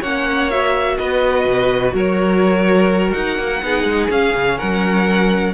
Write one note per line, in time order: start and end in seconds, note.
0.00 0.98 A#3
0.00 0.51 C#4
0.00 0.96 C#5
0.00 0.50 F#5
0.50 3.62 F#4
0.50 0.97 E5
0.97 1.45 B3
0.97 1.94 B4
0.97 1.93 D#5
1.45 1.93 B2
1.93 3.13 F#3
1.93 3.62 A#4
1.93 3.11 C#5
3.11 3.38 D#4
3.11 4.07 F#5
3.38 3.62 A#3
3.62 3.83 B3
3.62 4.10 D#4
3.62 4.58 G#4
3.83 4.08 G#3
4.10 4.34 C#4
4.10 5.54 C#4
4.10 4.58 F5
4.35 4.59 C#3
4.58 5.54 F#3
4.58 5.54 A#4
4.58 5.54 F#5